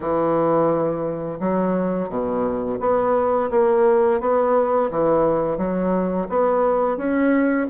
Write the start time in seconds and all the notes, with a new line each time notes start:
0.00 E3
1.40 F#3
2.09 B2
2.80 B3
3.50 A#3
4.20 B3
4.90 E3
5.57 F#3
6.29 B3
6.97 C#4